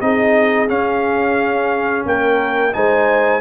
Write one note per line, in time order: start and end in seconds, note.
0.00 0.68 C4
0.00 0.67 D#4
0.00 2.07 G#4
0.00 0.68 D#5
0.67 2.72 C#4
0.67 2.05 C#4
0.67 2.05 F5
2.05 2.73 A#3
2.05 2.75 A#4
2.05 2.73 G5
2.72 3.40 G#3
2.72 3.40 D#4
2.72 3.40 C5
2.72 3.40 G#5